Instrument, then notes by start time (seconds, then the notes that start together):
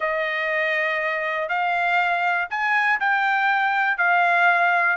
trumpet
0.00 D#5
1.48 F5
2.50 G#5
3.00 G5
3.97 F5